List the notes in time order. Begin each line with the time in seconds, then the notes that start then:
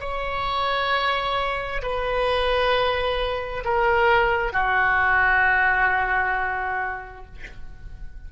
0.00 C#5
1.82 B4
3.65 A#4
4.53 F#4